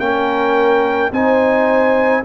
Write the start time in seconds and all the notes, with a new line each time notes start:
0.00 A#3 C#4 A#4 G5
1.12 C4 D#4 C5 G#5